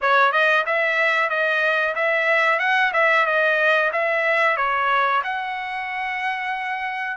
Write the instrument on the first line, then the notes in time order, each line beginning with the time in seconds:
trumpet
0.01 C#5
0.32 D#5
0.66 E5
1.29 D#5
1.95 E5
2.59 F#5
2.93 E5
3.25 D#5
3.92 E5
4.56 C#5
5.24 F#5